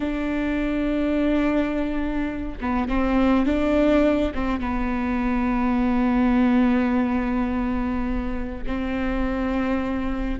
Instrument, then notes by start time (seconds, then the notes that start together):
viola
0.00 D4
2.60 B3
2.88 C4
3.46 D4
4.34 C4
4.60 B3
8.66 C4